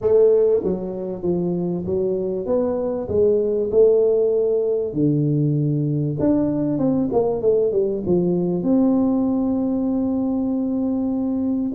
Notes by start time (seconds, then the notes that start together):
0.01 A3
0.63 F#3
1.22 F3
1.86 F#3
2.46 B3
3.08 G#3
3.71 A3
4.93 D3
6.19 D4
6.78 C4
7.12 A#3
7.41 A3
7.72 G3
8.06 F3
8.62 C4